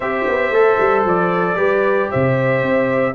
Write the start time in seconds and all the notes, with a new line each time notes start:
0.00 C4 G4 C5 E5
0.28 B3
0.50 A3 A4
0.79 G3
1.04 F3 D5
1.55 G3 G4 B4
2.10 C3 C5 E5
2.62 C4